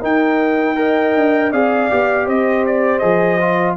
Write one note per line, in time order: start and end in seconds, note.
0.00 0.75 D#4
0.00 1.15 D#4
0.00 0.75 A#4
0.00 1.52 G5
0.76 1.51 A#4
0.76 1.51 D#5
1.15 1.52 D4
1.51 1.90 C4
1.51 1.90 G#4
1.51 2.26 D5
1.51 2.27 F5
1.90 2.27 B3
1.90 3.01 G4
2.26 3.02 C4
2.26 3.76 C5
2.26 2.66 D#5
2.66 2.99 D5
2.99 3.77 F3
2.99 3.38 G#4
2.99 3.74 D#5
3.40 3.77 F4